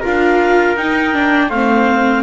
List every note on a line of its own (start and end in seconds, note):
0.00 0.76 D4
0.00 0.76 F4
0.00 1.46 A#4
0.00 0.77 F5
0.76 1.50 D#4
0.76 1.13 D#4
0.76 1.50 G5
1.13 1.50 D4
1.49 2.23 A3
1.49 2.23 C4
1.49 2.22 C5
1.49 2.23 F5